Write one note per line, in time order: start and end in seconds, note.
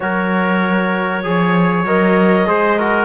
0.00 1.24 F#3
0.00 1.23 F#4
0.00 1.26 A#4
0.00 1.82 C#5
1.23 1.84 F3
1.23 1.85 G#4
1.23 2.48 C#5
1.84 2.46 F#3
1.84 2.46 A#4
1.84 3.05 D#5
2.46 3.05 G#3
2.46 2.77 G#4
2.46 2.78 C5
2.78 3.05 F#4
2.78 3.05 A#4